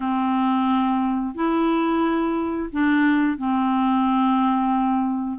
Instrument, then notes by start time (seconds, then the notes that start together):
clarinet
0.00 C4
1.35 E4
2.72 D4
3.37 C4